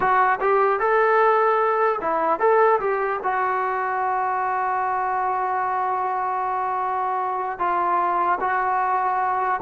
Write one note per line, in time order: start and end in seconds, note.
0.00 0.39 F#4
0.40 0.79 G4
0.79 1.99 A4
2.01 2.39 E4
2.39 2.79 A4
2.80 3.20 G4
3.23 7.58 F#4
7.58 8.38 F4
8.40 9.60 F#4